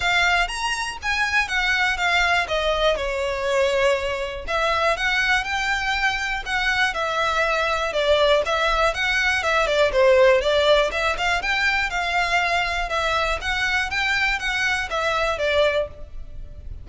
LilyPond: \new Staff \with { instrumentName = "violin" } { \time 4/4 \tempo 4 = 121 f''4 ais''4 gis''4 fis''4 | f''4 dis''4 cis''2~ | cis''4 e''4 fis''4 g''4~ | g''4 fis''4 e''2 |
d''4 e''4 fis''4 e''8 d''8 | c''4 d''4 e''8 f''8 g''4 | f''2 e''4 fis''4 | g''4 fis''4 e''4 d''4 | }